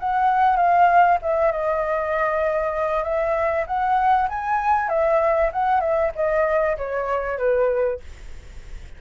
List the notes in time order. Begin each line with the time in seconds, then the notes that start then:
0.00 F#5
0.56 F5
1.22 E5
1.52 D#5
3.04 E5
3.67 F#5
4.29 G#5
4.89 E5
5.52 F#5
5.81 E5
6.15 D#5
6.77 C#5
7.38 B4